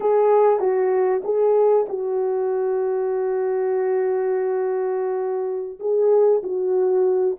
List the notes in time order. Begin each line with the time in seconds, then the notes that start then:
0.00 G#4
0.59 F#4
1.24 G#4
1.88 F#4
5.79 G#4
6.43 F#4